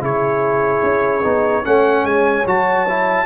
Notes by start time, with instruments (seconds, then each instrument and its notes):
0.00 tuba C#3, trombone E4, horn G#4, trumpet C#5
0.83 tuba C#4
1.23 tuba B3, trombone D#4
1.63 tuba A3, trombone C#4, horn C#5, trumpet F#5
2.04 tuba G#3, trumpet G#5
2.46 tuba F#3, trombone F#4, trumpet A5
2.88 trombone E4